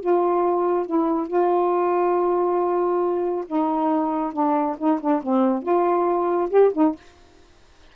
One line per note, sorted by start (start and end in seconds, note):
0.00 0.86 F4
0.86 1.27 E4
1.27 3.44 F4
3.46 4.33 D#4
4.33 4.76 D4
4.78 5.00 D#4
5.00 5.22 D4
5.22 5.62 C4
5.62 6.49 F4
6.50 6.72 G4
6.74 6.95 D#4